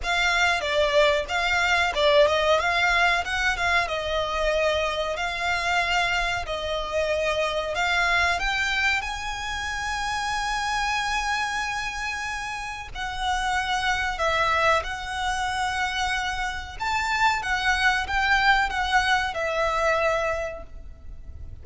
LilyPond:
\new Staff \with { instrumentName = "violin" } { \time 4/4 \tempo 4 = 93 f''4 d''4 f''4 d''8 dis''8 | f''4 fis''8 f''8 dis''2 | f''2 dis''2 | f''4 g''4 gis''2~ |
gis''1 | fis''2 e''4 fis''4~ | fis''2 a''4 fis''4 | g''4 fis''4 e''2 | }